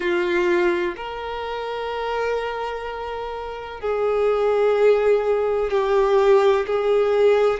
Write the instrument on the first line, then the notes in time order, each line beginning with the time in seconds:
violin
0.00 F4
0.96 A#4
3.81 G#4
5.71 G4
6.67 G#4